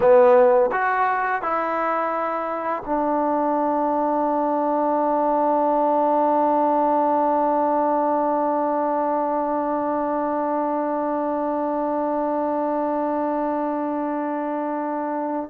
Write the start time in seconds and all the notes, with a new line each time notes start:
0.00 B3
0.72 F#4
1.41 E4
2.85 D4